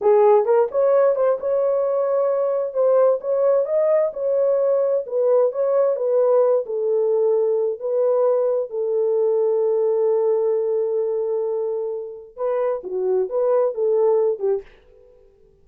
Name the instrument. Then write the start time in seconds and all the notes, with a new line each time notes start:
horn
0.01 G#4
0.45 A#4
0.71 C#5
1.15 C5
1.39 C#5
2.73 C5
3.21 C#5
3.65 D#5
4.13 C#5
5.06 B4
5.51 C#5
5.96 B4
6.66 A4
7.79 B4
8.69 A4
12.36 B4
12.83 F#4
13.29 B4
13.74 A4
14.39 G4